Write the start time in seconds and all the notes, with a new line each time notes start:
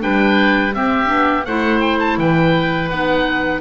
0.00 G3 D4 B4 G5
0.73 C4 G4 E5
1.06 B3 D4
1.45 A3 E4 C5 F#5
1.81 G5
1.99 A5
2.18 E3 B4 G5
2.90 B3 D#4 F#5